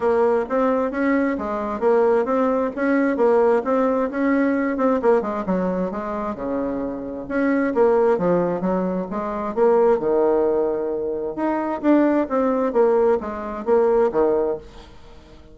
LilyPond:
\new Staff \with { instrumentName = "bassoon" } { \time 4/4 \tempo 4 = 132 ais4 c'4 cis'4 gis4 | ais4 c'4 cis'4 ais4 | c'4 cis'4. c'8 ais8 gis8 | fis4 gis4 cis2 |
cis'4 ais4 f4 fis4 | gis4 ais4 dis2~ | dis4 dis'4 d'4 c'4 | ais4 gis4 ais4 dis4 | }